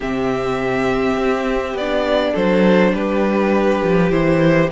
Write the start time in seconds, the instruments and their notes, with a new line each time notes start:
0.00 cello C3, viola C4, violin G4 E5
1.16 cello C4
1.74 cello B3, violin D5
1.80 viola D4
2.32 cello F#3, violin A4 C5
2.93 cello G3, violin G4 B4
3.82 cello F3
4.10 cello E3, viola E4, violin C5